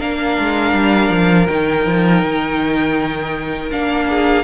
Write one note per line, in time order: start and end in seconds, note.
0.00 0.38 A#3
0.00 1.48 D4
0.00 4.08 A#4
0.00 1.47 F5
0.39 0.73 G#3
0.73 1.10 G3
1.10 1.47 F3
1.47 1.86 D#3
1.47 3.71 D#4
1.47 3.70 G5
1.86 2.23 F3
2.23 3.71 D#3
3.72 4.44 A#3
3.72 4.44 D4
3.72 4.44 F5
4.09 4.44 G#4